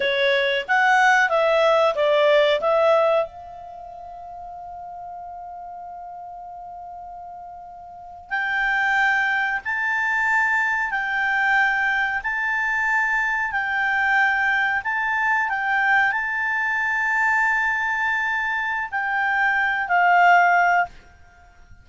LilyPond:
\new Staff \with { instrumentName = "clarinet" } { \time 4/4 \tempo 4 = 92 cis''4 fis''4 e''4 d''4 | e''4 f''2.~ | f''1~ | f''8. g''2 a''4~ a''16~ |
a''8. g''2 a''4~ a''16~ | a''8. g''2 a''4 g''16~ | g''8. a''2.~ a''16~ | a''4 g''4. f''4. | }